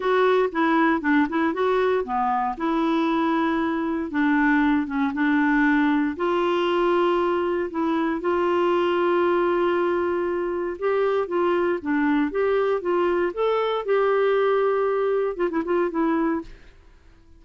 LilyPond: \new Staff \with { instrumentName = "clarinet" } { \time 4/4 \tempo 4 = 117 fis'4 e'4 d'8 e'8 fis'4 | b4 e'2. | d'4. cis'8 d'2 | f'2. e'4 |
f'1~ | f'4 g'4 f'4 d'4 | g'4 f'4 a'4 g'4~ | g'2 f'16 e'16 f'8 e'4 | }